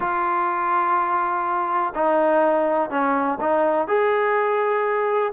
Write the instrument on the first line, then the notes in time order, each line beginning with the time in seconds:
trombone
0.00 F4
1.94 D#4
2.89 C#4
3.40 D#4
3.87 G#4